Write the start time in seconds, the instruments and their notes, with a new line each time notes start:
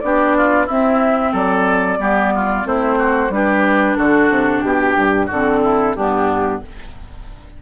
0.00 bassoon B3, clarinet D4, oboe G4, flute D5
0.37 oboe F4
0.66 clarinet C4, bassoon C4, oboe E4, flute E5
1.32 bassoon F#3, oboe A4, flute D5
1.98 bassoon G3, clarinet B3, oboe G4
2.35 oboe F4
2.64 bassoon A3, clarinet C4, oboe E4, flute C5
2.98 oboe F#4
3.30 bassoon G3, clarinet D4, oboe G4, flute B4
3.97 bassoon D3, oboe F#4, flute A4
4.30 bassoon C3
4.61 bassoon B2, flute G4, oboe G4
4.96 bassoon G2
5.26 bassoon D3, clarinet C4, oboe F#4, flute A4
5.63 oboe E4
5.95 bassoon G2, clarinet B3, oboe D4, flute G4